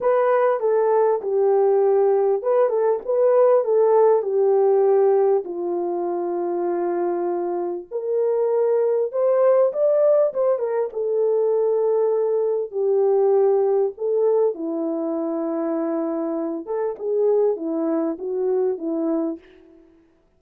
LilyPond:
\new Staff \with { instrumentName = "horn" } { \time 4/4 \tempo 4 = 99 b'4 a'4 g'2 | b'8 a'8 b'4 a'4 g'4~ | g'4 f'2.~ | f'4 ais'2 c''4 |
d''4 c''8 ais'8 a'2~ | a'4 g'2 a'4 | e'2.~ e'8 a'8 | gis'4 e'4 fis'4 e'4 | }